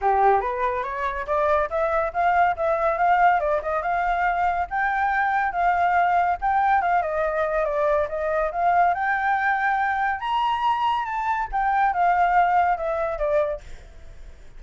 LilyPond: \new Staff \with { instrumentName = "flute" } { \time 4/4 \tempo 4 = 141 g'4 b'4 cis''4 d''4 | e''4 f''4 e''4 f''4 | d''8 dis''8 f''2 g''4~ | g''4 f''2 g''4 |
f''8 dis''4. d''4 dis''4 | f''4 g''2. | ais''2 a''4 g''4 | f''2 e''4 d''4 | }